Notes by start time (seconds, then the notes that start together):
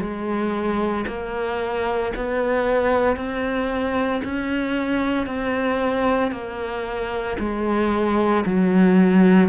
0.00 G#3
1.07 A#3
2.16 B3
3.16 C4
4.24 C#4
5.26 C4
6.32 A#3
7.39 G#3
8.45 F#3